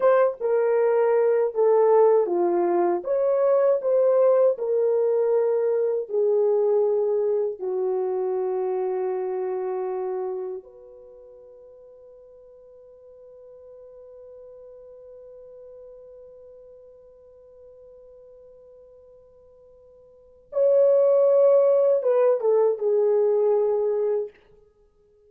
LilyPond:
\new Staff \with { instrumentName = "horn" } { \time 4/4 \tempo 4 = 79 c''8 ais'4. a'4 f'4 | cis''4 c''4 ais'2 | gis'2 fis'2~ | fis'2 b'2~ |
b'1~ | b'1~ | b'2. cis''4~ | cis''4 b'8 a'8 gis'2 | }